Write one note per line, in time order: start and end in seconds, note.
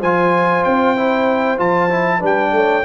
0.00 0.65 F3
0.00 0.97 F4
0.00 2.19 C5
0.00 0.64 G#5
0.64 1.60 C4
0.64 1.59 G5
0.97 1.57 E4
1.57 2.23 F3
1.57 1.89 F4
1.57 2.23 A5
1.90 2.20 E4
2.19 2.52 G3
2.19 2.83 D4
2.19 2.51 B4
2.26 2.85 G5
2.52 2.84 A3
2.52 2.85 C#5